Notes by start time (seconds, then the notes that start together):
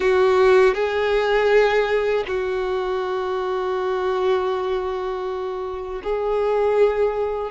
0.00 F#4
0.74 G#4
2.27 F#4
6.03 G#4